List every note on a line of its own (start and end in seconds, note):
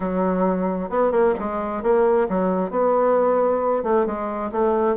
0.00 0.89 F#3
0.89 1.11 B3
1.11 1.34 A#3
1.39 1.82 G#3
1.82 2.27 A#3
2.28 2.70 F#3
2.70 3.83 B3
3.83 4.05 A3
4.06 4.51 G#3
4.51 4.96 A3